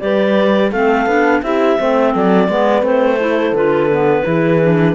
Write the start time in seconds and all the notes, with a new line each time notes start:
0.00 G3 G4 B4 D5
0.70 A3 C4 A4 F5
1.06 B3 D4
1.42 C4 E4 G4 E5
1.79 A3 C4 C5
2.12 F#3 A4 D5
2.48 G#3 B3 B4
2.82 A3 C4 C5
3.17 E4 A4
3.52 D3 F4 B4
3.91 B3
4.24 E3 E4 G#4
4.62 D4